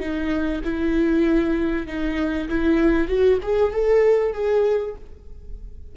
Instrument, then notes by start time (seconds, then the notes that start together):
viola
0.00 D#4
0.65 E4
1.87 D#4
2.49 E4
3.08 F#4
3.43 G#4
3.73 A4
4.34 G#4